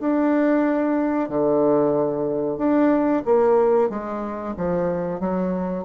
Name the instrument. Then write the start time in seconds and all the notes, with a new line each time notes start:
bassoon
0.00 D4
1.29 D3
2.57 D4
3.25 A#3
3.89 G#3
4.57 F3
5.20 F#3